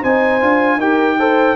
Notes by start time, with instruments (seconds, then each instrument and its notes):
0.00 tuba C4, trombone D#4, horn C5, trumpet G#5
0.41 tuba D4, trombone F4
0.76 tuba D#4, trombone G4, horn A#4, trumpet G5
1.19 trombone A4, horn C5